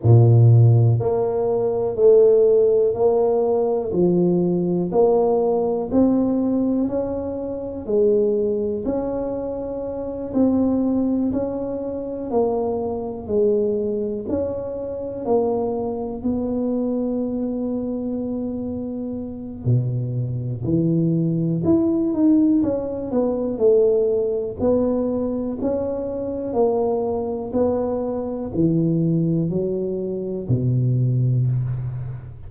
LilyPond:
\new Staff \with { instrumentName = "tuba" } { \time 4/4 \tempo 4 = 61 ais,4 ais4 a4 ais4 | f4 ais4 c'4 cis'4 | gis4 cis'4. c'4 cis'8~ | cis'8 ais4 gis4 cis'4 ais8~ |
ais8 b2.~ b8 | b,4 e4 e'8 dis'8 cis'8 b8 | a4 b4 cis'4 ais4 | b4 e4 fis4 b,4 | }